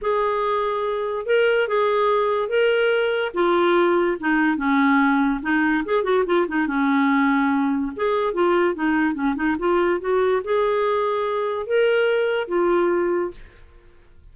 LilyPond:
\new Staff \with { instrumentName = "clarinet" } { \time 4/4 \tempo 4 = 144 gis'2. ais'4 | gis'2 ais'2 | f'2 dis'4 cis'4~ | cis'4 dis'4 gis'8 fis'8 f'8 dis'8 |
cis'2. gis'4 | f'4 dis'4 cis'8 dis'8 f'4 | fis'4 gis'2. | ais'2 f'2 | }